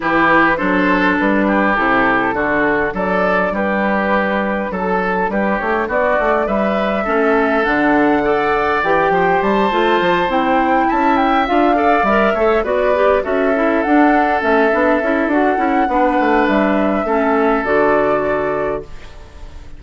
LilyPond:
<<
  \new Staff \with { instrumentName = "flute" } { \time 4/4 \tempo 4 = 102 b'4 c''4 b'4 a'4~ | a'4 d''4 b'2 | a'4 b'8 cis''8 d''4 e''4~ | e''4 fis''2 g''4 |
a''4. g''4 a''8 g''8 f''8~ | f''8 e''4 d''4 e''4 fis''8~ | fis''8 e''4. fis''2 | e''2 d''2 | }
  \new Staff \with { instrumentName = "oboe" } { \time 4/4 g'4 a'4. g'4. | fis'4 a'4 g'2 | a'4 g'4 fis'4 b'4 | a'2 d''4. c''8~ |
c''2~ c''8 e''4. | d''4 cis''8 b'4 a'4.~ | a'2. b'4~ | b'4 a'2. | }
  \new Staff \with { instrumentName = "clarinet" } { \time 4/4 e'4 d'2 e'4 | d'1~ | d'1 | cis'4 d'4 a'4 g'4~ |
g'8 f'4 e'2 f'8 | a'8 ais'8 a'8 fis'8 g'8 fis'8 e'8 d'8~ | d'8 cis'8 d'8 e'8 fis'8 e'8 d'4~ | d'4 cis'4 fis'2 | }
  \new Staff \with { instrumentName = "bassoon" } { \time 4/4 e4 fis4 g4 c4 | d4 fis4 g2 | fis4 g8 a8 b8 a8 g4 | a4 d2 e8 f8 |
g8 a8 f8 c'4 cis'4 d'8~ | d'8 g8 a8 b4 cis'4 d'8~ | d'8 a8 b8 cis'8 d'8 cis'8 b8 a8 | g4 a4 d2 | }
>>